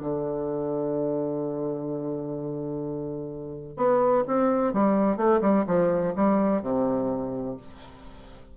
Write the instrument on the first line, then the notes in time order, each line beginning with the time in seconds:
bassoon
0.00 D3
3.77 B3
4.27 C4
4.73 G3
5.17 A3
5.41 G3
5.67 F3
6.16 G3
6.62 C3